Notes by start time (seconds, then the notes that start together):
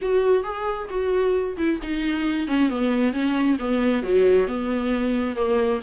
0.01 F#4
0.43 G#4
0.89 F#4
1.57 E4
1.82 D#4
2.47 C#4
2.69 B3
3.12 C#4
3.59 B3
4.02 F#3
4.47 B3
5.35 A#3